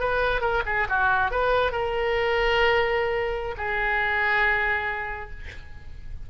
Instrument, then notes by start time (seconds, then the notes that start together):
oboe
0.00 B4
0.41 A#4
0.66 G#4
0.89 F#4
1.31 B4
1.72 A#4
3.58 G#4